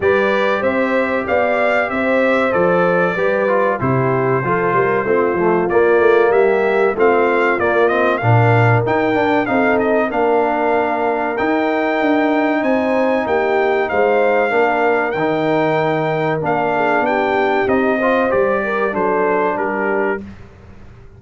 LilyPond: <<
  \new Staff \with { instrumentName = "trumpet" } { \time 4/4 \tempo 4 = 95 d''4 e''4 f''4 e''4 | d''2 c''2~ | c''4 d''4 e''4 f''4 | d''8 dis''8 f''4 g''4 f''8 dis''8 |
f''2 g''2 | gis''4 g''4 f''2 | g''2 f''4 g''4 | dis''4 d''4 c''4 ais'4 | }
  \new Staff \with { instrumentName = "horn" } { \time 4/4 b'4 c''4 d''4 c''4~ | c''4 b'4 g'4 a'8 ais'8 | f'2 g'4 f'4~ | f'4 ais'2 a'4 |
ais'1 | c''4 g'4 c''4 ais'4~ | ais'2~ ais'8 gis'8 g'4~ | g'8 c''4 ais'8 a'4 g'4 | }
  \new Staff \with { instrumentName = "trombone" } { \time 4/4 g'1 | a'4 g'8 f'8 e'4 f'4 | c'8 a8 ais2 c'4 | ais8 c'8 d'4 dis'8 d'8 dis'4 |
d'2 dis'2~ | dis'2. d'4 | dis'2 d'2 | dis'8 f'8 g'4 d'2 | }
  \new Staff \with { instrumentName = "tuba" } { \time 4/4 g4 c'4 b4 c'4 | f4 g4 c4 f8 g8 | a8 f8 ais8 a8 g4 a4 | ais4 ais,4 dis'8 d'8 c'4 |
ais2 dis'4 d'4 | c'4 ais4 gis4 ais4 | dis2 ais4 b4 | c'4 g4 fis4 g4 | }
>>